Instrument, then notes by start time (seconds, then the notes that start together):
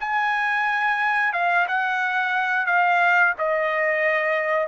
trumpet
0.00 G#5
1.33 F5
1.68 F#5
2.66 F5
3.38 D#5